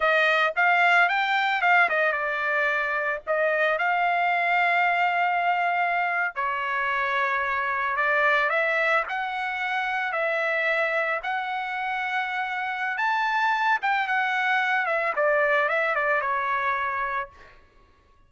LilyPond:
\new Staff \with { instrumentName = "trumpet" } { \time 4/4 \tempo 4 = 111 dis''4 f''4 g''4 f''8 dis''8 | d''2 dis''4 f''4~ | f''2.~ f''8. cis''16~ | cis''2~ cis''8. d''4 e''16~ |
e''8. fis''2 e''4~ e''16~ | e''8. fis''2.~ fis''16 | a''4. g''8 fis''4. e''8 | d''4 e''8 d''8 cis''2 | }